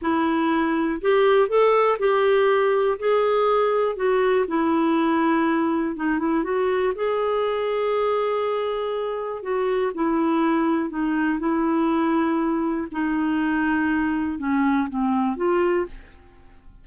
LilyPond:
\new Staff \with { instrumentName = "clarinet" } { \time 4/4 \tempo 4 = 121 e'2 g'4 a'4 | g'2 gis'2 | fis'4 e'2. | dis'8 e'8 fis'4 gis'2~ |
gis'2. fis'4 | e'2 dis'4 e'4~ | e'2 dis'2~ | dis'4 cis'4 c'4 f'4 | }